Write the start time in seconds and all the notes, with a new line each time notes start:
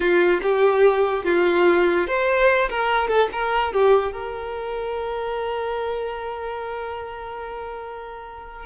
0.00 F4
0.42 G4
1.24 F4
2.07 C5
2.69 A#4
3.08 A4
3.32 A#4
3.72 G4
4.12 A#4